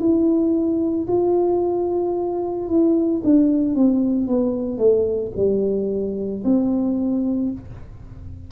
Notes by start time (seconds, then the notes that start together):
0.00 E4
1.08 F4
2.68 E4
3.24 D4
3.75 C4
4.28 B3
4.78 A3
5.36 G3
6.44 C4